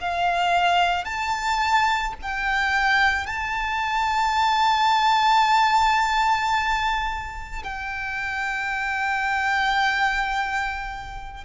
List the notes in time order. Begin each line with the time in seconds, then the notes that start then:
0.00 F5
1.05 A5
2.22 G5
3.26 A5
7.63 G5